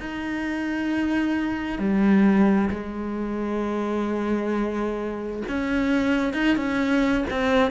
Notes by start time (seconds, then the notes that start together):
0.00 D#4
1.79 G3
2.70 G#3
5.48 C#4
6.33 D#4
6.56 C#4
7.30 C4